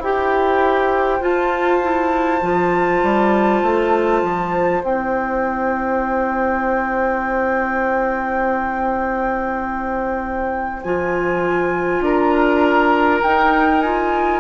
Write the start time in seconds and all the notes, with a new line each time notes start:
0.00 E4 G4 C5 G5
1.21 F4 A5
1.82 E4
2.42 F3 F4
3.03 G3
3.63 A3
4.23 F3
4.82 C4 E4 G5
10.83 F3 F4 G#5
12.01 D4 A#4 A#5
13.23 D#4 G5
13.81 F4 G#5